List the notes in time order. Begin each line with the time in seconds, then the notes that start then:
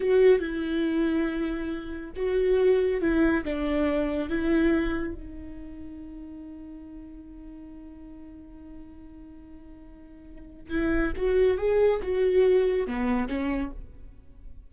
0.00 F#4
0.39 E4
2.16 F#4
3.01 E4
3.44 D4
4.29 E4
5.14 D#4
10.69 E4
11.16 F#4
11.57 G#4
12.02 F#4
12.87 B3
13.28 C#4